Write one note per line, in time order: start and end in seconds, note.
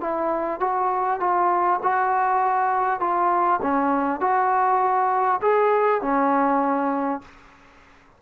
0.00 0.60 E4
0.60 1.20 F#4
1.20 1.80 F4
1.82 3.00 F#4
3.00 3.60 F4
3.62 4.20 C#4
4.20 5.40 F#4
5.41 6.01 G#4
6.01 7.21 C#4